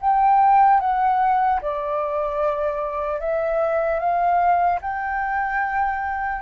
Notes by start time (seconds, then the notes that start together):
0.00 G5
0.80 F#5
1.61 D5
3.20 E5
3.99 F5
4.81 G5